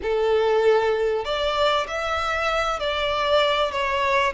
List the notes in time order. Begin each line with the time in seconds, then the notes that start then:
0.02 A4
1.25 D5
1.87 E5
2.79 D5
3.71 C#5